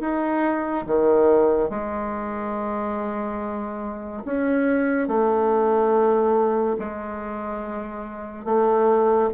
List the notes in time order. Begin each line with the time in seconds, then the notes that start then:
0.00 D#4
0.86 D#3
1.69 G#3
4.25 C#4
5.07 A3
6.78 G#3
8.45 A3